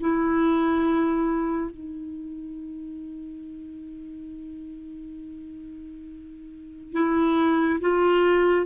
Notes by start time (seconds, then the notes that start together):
0.00 E4
1.71 D#4
6.92 E4
7.80 F4